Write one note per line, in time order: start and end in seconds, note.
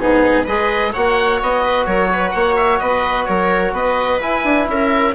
0.00 0.47 G#2
0.00 0.47 B3
0.00 0.45 D#4
0.00 0.47 G#4
0.45 0.94 G#3
0.45 0.95 G#4
0.45 0.92 B4
0.45 0.93 D#5
0.93 1.42 A#3
0.93 4.21 F#4
0.93 1.64 C#5
0.93 1.40 F#5
1.42 1.87 B3
1.42 1.86 D#5
1.64 1.87 B4
1.86 2.34 F#3
1.86 2.11 A#4
1.86 2.31 C#5
2.13 2.36 B4
2.31 2.81 A#3
2.31 2.81 C#5
2.31 2.55 F#5
2.56 2.79 E5
2.79 3.28 B3
2.79 3.28 B4
2.79 3.25 D#5
3.25 3.73 F#3
3.25 3.75 A#4
3.25 3.72 C#5
3.73 4.19 B3
3.73 4.68 B4
3.73 4.22 D#5
4.21 5.15 E4
4.21 4.44 E4
4.21 4.69 G#5
4.44 4.68 D4
4.68 5.15 C#4
4.68 5.15 A#4
4.68 5.15 E5